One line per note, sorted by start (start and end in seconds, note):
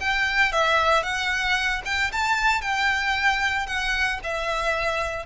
0.00 0.52 G5
0.52 1.03 E5
1.03 1.82 F#5
1.85 2.11 G5
2.12 2.61 A5
2.61 3.66 G5
3.66 4.19 F#5
4.23 5.26 E5